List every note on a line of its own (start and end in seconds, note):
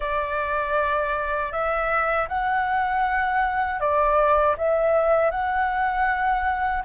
0.00 1.52 D5
1.52 2.28 E5
2.28 3.79 F#5
3.79 4.55 D5
4.57 5.30 E5
5.30 6.82 F#5